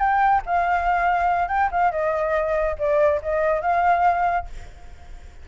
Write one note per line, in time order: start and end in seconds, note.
0.00 0.42 G5
0.46 1.49 F5
1.49 1.70 G5
1.72 1.92 F5
1.92 2.76 D#5
2.79 3.21 D5
3.22 3.62 D#5
3.62 4.47 F5